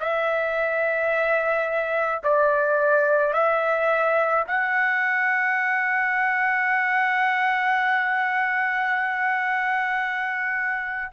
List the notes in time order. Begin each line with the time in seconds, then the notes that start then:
0.00 E5
2.24 D5
3.34 E5
4.47 F#5